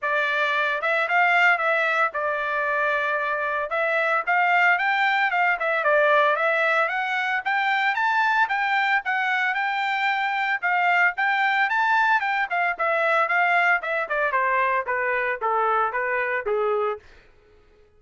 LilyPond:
\new Staff \with { instrumentName = "trumpet" } { \time 4/4 \tempo 4 = 113 d''4. e''8 f''4 e''4 | d''2. e''4 | f''4 g''4 f''8 e''8 d''4 | e''4 fis''4 g''4 a''4 |
g''4 fis''4 g''2 | f''4 g''4 a''4 g''8 f''8 | e''4 f''4 e''8 d''8 c''4 | b'4 a'4 b'4 gis'4 | }